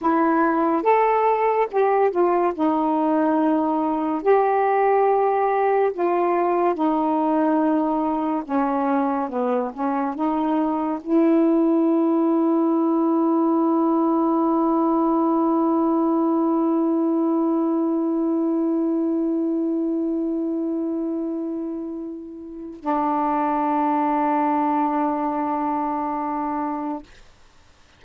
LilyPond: \new Staff \with { instrumentName = "saxophone" } { \time 4/4 \tempo 4 = 71 e'4 a'4 g'8 f'8 dis'4~ | dis'4 g'2 f'4 | dis'2 cis'4 b8 cis'8 | dis'4 e'2.~ |
e'1~ | e'1~ | e'2. d'4~ | d'1 | }